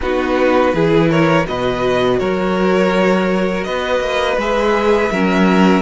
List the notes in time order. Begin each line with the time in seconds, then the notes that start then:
0.01 B3 D#4 F#4 B4
0.73 E3 E4 G#4
1.09 A#4 C#5
1.45 B2 F#4 B4 D#5
2.19 F#3 A#4 C#5
3.64 B3 B4 D#5
4.00 A#3
4.36 G#3 G#4 E5
5.11 F#3 C#4 A#4